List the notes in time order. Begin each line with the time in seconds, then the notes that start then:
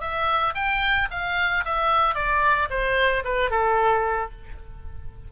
0.00 E5
0.55 G5
1.11 F5
1.65 E5
2.15 D5
2.70 C5
3.24 B4
3.50 A4